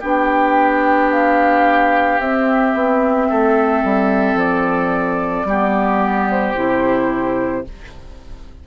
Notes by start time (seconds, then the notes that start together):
0.00 B3 D4 G4 G5
1.12 F5
2.19 C4 E5
2.74 B3
3.29 A3 A4
3.84 G3
4.35 F3 D5
5.44 G3 B3 G4
6.30 C5
6.55 C3 E4